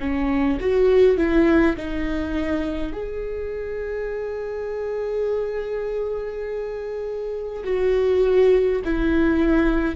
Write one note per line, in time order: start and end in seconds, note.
0.00 0.59 C#4
0.60 1.18 F#4
1.18 1.76 E4
1.77 2.93 D#4
2.93 7.64 G#4
7.64 8.82 F#4
8.85 9.96 E4